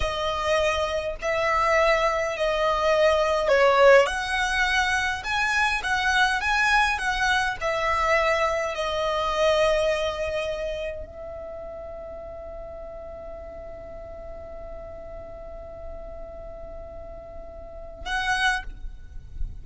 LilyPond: \new Staff \with { instrumentName = "violin" } { \time 4/4 \tempo 4 = 103 dis''2 e''2 | dis''2 cis''4 fis''4~ | fis''4 gis''4 fis''4 gis''4 | fis''4 e''2 dis''4~ |
dis''2. e''4~ | e''1~ | e''1~ | e''2. fis''4 | }